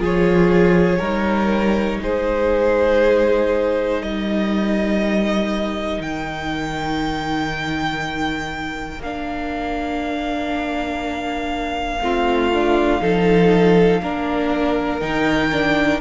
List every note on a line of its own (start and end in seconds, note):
0.00 1.00 F3
0.00 1.00 F4
0.00 0.99 G#4
0.00 2.04 C#5
0.99 2.00 G3
0.99 9.02 D#4
0.99 1.99 A#4
2.02 4.01 G#3
2.02 4.02 G#4
2.02 4.03 C5
4.01 6.00 G3
4.01 12.02 A#4
4.01 6.02 D#5
6.00 9.00 D#3
6.00 9.02 G5
9.00 12.00 A#3
9.00 12.02 D4
9.00 15.01 F5
12.01 13.01 A3
12.01 12.52 C4
12.01 13.02 F4
12.54 13.01 D4
13.01 14.01 F3
13.01 14.01 D#4
13.01 14.02 A4
14.02 15.02 A#3
14.02 15.01 D4
14.02 16.01 A#4
15.01 16.01 D#3
15.01 15.51 D#4
15.01 16.01 G5
15.52 16.01 D4